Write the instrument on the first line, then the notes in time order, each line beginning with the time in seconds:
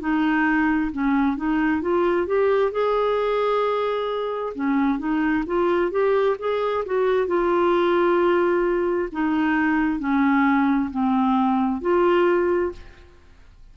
clarinet
0.00 D#4
0.92 C#4
1.36 D#4
1.81 F4
2.26 G4
2.71 G#4
4.55 C#4
4.98 D#4
5.46 F4
5.91 G4
6.38 G#4
6.85 F#4
7.27 F4
9.12 D#4
9.99 C#4
10.90 C4
11.81 F4